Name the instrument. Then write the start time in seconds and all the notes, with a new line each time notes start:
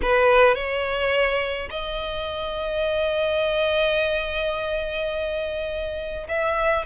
violin
0.02 B4
0.55 C#5
1.70 D#5
6.28 E5